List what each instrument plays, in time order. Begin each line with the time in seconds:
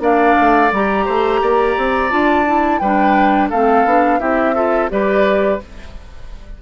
0.00 bassoon A#3, clarinet D4, oboe D5, flute F5
0.40 bassoon A3
0.72 bassoon G3, clarinet G4, flute A#5
1.06 bassoon A3, oboe C5
1.42 bassoon A#3, oboe D5
1.77 bassoon C4
2.10 bassoon D4, clarinet F4, flute A5
2.46 clarinet E4
2.79 bassoon G3, clarinet D4, oboe B4, flute G5
3.50 bassoon A3, clarinet C4, oboe A4, flute F5
3.85 bassoon B3, clarinet D4
4.20 bassoon C4, clarinet E4, oboe G4, flute E5
4.55 clarinet F4, oboe A4
4.90 bassoon G3, clarinet G4, oboe B4, flute D5